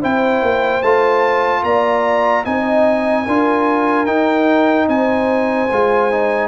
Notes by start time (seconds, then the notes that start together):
0.00 C4 E4 C5 G5
0.42 A#3
0.82 A3 F4 A5
1.63 A#3 D5 A#5
2.45 C4 D#4 D#5 G#5
3.25 D4 F4 A#4
4.06 D#4 G5
4.88 C4 C5 G#5
5.71 G#3 F4
6.11 D#4